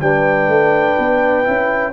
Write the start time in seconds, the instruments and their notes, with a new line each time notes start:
0.00 tuba G3, trombone D4, horn B4, trumpet G5
0.48 tuba A3
0.99 tuba B3
1.44 tuba C#4, trombone E4